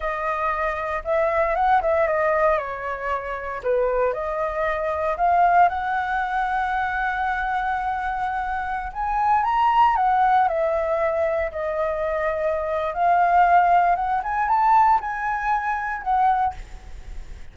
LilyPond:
\new Staff \with { instrumentName = "flute" } { \time 4/4 \tempo 4 = 116 dis''2 e''4 fis''8 e''8 | dis''4 cis''2 b'4 | dis''2 f''4 fis''4~ | fis''1~ |
fis''4~ fis''16 gis''4 ais''4 fis''8.~ | fis''16 e''2 dis''4.~ dis''16~ | dis''4 f''2 fis''8 gis''8 | a''4 gis''2 fis''4 | }